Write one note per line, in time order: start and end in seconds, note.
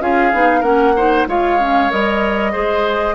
0.00 0.32 C#4
0.00 0.32 F4
0.00 0.60 G#4
0.00 0.62 F5
0.33 0.62 B3
0.33 0.63 D#4
0.60 1.25 A#3
0.60 0.95 C#4
0.60 0.92 A#4
0.60 1.25 F#5
0.96 1.28 D#4
0.96 1.28 C5
1.27 1.90 G#3
1.27 1.59 F4
1.27 2.52 C#5
1.27 1.91 F5
1.59 1.90 C#4
1.90 2.56 G3
1.90 2.52 A#4
1.90 3.15 D#5
2.52 3.15 G#3
2.52 3.15 G#4
2.52 3.15 C5